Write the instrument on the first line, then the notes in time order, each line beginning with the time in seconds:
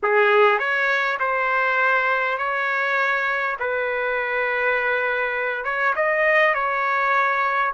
trumpet
0.02 G#4
0.58 C#5
1.19 C5
2.38 C#5
3.59 B4
5.64 C#5
5.95 D#5
6.54 C#5